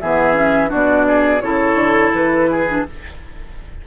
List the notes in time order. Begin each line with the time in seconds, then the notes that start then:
0.00 E3 B3 G#4 E5
0.34 C#4
0.68 B2 D4 F#4 D5
1.07 G#4
1.41 C#3 E4 A4 C#5
1.74 D3
2.14 E3 B4
2.51 G#4
2.68 D4